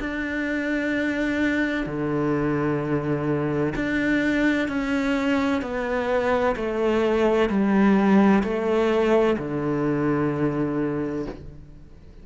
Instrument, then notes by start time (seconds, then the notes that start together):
cello
0.00 D4
1.86 D3
3.75 D4
4.68 C#4
5.62 B3
6.56 A3
7.50 G3
8.43 A3
9.38 D3